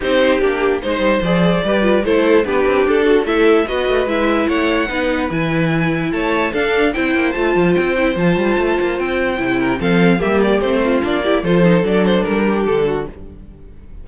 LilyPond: <<
  \new Staff \with { instrumentName = "violin" } { \time 4/4 \tempo 4 = 147 c''4 g'4 c''4 d''4~ | d''4 c''4 b'4 a'4 | e''4 dis''4 e''4 fis''4~ | fis''4 gis''2 a''4 |
f''4 g''4 a''4 g''4 | a''2 g''2 | f''4 e''8 d''8 c''4 d''4 | c''4 d''8 c''8 ais'4 a'4 | }
  \new Staff \with { instrumentName = "violin" } { \time 4/4 g'2 c''2 | b'4 a'4 g'4. fis'8 | a'4 b'2 cis''4 | b'2. cis''4 |
a'4 c''2.~ | c''2.~ c''8 ais'8 | a'4 g'4. f'4 g'8 | a'2~ a'8 g'4 fis'8 | }
  \new Staff \with { instrumentName = "viola" } { \time 4/4 dis'4 d'4 dis'4 gis'4 | g'8 f'8 e'4 d'2 | e'4 fis'4 e'2 | dis'4 e'2. |
d'4 e'4 f'4. e'8 | f'2. e'4 | c'4 ais4 c'4 d'8 e'8 | f'8 dis'8 d'2. | }
  \new Staff \with { instrumentName = "cello" } { \time 4/4 c'4 ais4 gis8 g8 f4 | g4 a4 b8 c'8 d'4 | a4 b8 a8 gis4 a4 | b4 e2 a4 |
d'4 c'8 ais8 a8 f8 c'4 | f8 g8 a8 ais8 c'4 c4 | f4 g4 a4 ais4 | f4 fis4 g4 d4 | }
>>